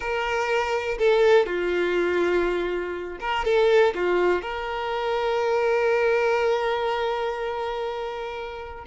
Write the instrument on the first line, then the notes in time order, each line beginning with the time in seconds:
violin
0.00 A#4
0.98 A4
1.46 F4
3.20 A#4
3.44 A4
3.95 F4
4.42 A#4